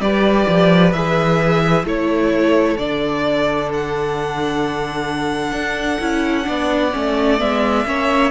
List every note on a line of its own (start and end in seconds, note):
0.00 0.46 G3
0.00 0.94 G4
0.00 1.84 B4
0.00 0.92 D5
0.48 0.93 F3
0.92 1.85 E3
0.92 1.85 G#4
0.92 1.85 E5
1.84 2.77 A3
1.84 2.77 E4
1.84 6.46 A4
1.84 2.77 C#5
2.77 5.52 D3
2.77 6.01 D4
2.77 3.70 D5
3.73 7.40 F#5
5.52 5.98 D4
6.01 6.47 C#4
6.01 6.44 E4
6.44 6.94 B3
6.44 6.90 D4
6.44 7.86 D5
6.92 7.41 A3
6.92 7.38 C#4
7.38 7.85 G#3
7.38 7.84 B3
7.38 8.31 E5
7.85 8.31 A#3
7.85 8.31 C#4
7.85 8.31 C#5